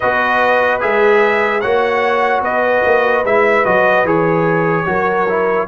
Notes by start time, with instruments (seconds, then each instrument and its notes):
0.00 tuba B3, trombone F#4, horn B4, trumpet D#5
0.80 tuba G#3, trombone G#4, trumpet E5
1.60 tuba A#3, trombone F#4, horn C#5, trumpet F#5
2.41 tuba B3, horn B4, trumpet D#5
2.84 tuba A#3
3.24 tuba G#3, trombone E4, trumpet E5
3.65 tuba F#3, trombone F#4, trumpet D#5
4.04 tuba E3, trombone G#4, trumpet C#5
4.86 tuba F#3, trombone F#4, horn A#4
5.29 trombone E4